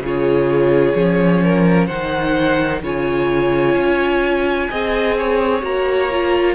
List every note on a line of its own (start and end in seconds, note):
0.00 0.94 C#3
0.00 0.97 F4
0.00 1.44 G#4
0.07 1.87 C#5
0.96 1.89 F3
0.96 1.90 C#4
1.44 1.87 A#4
1.87 2.83 D#3
1.87 2.84 D#4
1.87 2.81 C5
1.87 2.80 F#5
2.83 3.76 C#3
2.83 4.71 F4
2.83 4.70 C#5
2.83 5.64 G#5
3.76 4.70 C#4
4.70 5.63 C4
4.70 5.62 G#4
4.70 5.17 D#5
5.19 6.55 C#5
5.62 6.55 A#3
5.62 6.09 F#4
5.62 6.55 A#5
6.12 6.55 F4